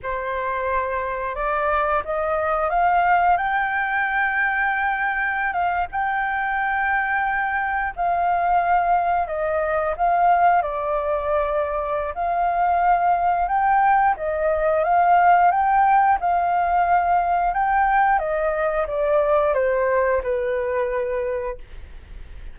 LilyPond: \new Staff \with { instrumentName = "flute" } { \time 4/4 \tempo 4 = 89 c''2 d''4 dis''4 | f''4 g''2.~ | g''16 f''8 g''2. f''16~ | f''4.~ f''16 dis''4 f''4 d''16~ |
d''2 f''2 | g''4 dis''4 f''4 g''4 | f''2 g''4 dis''4 | d''4 c''4 b'2 | }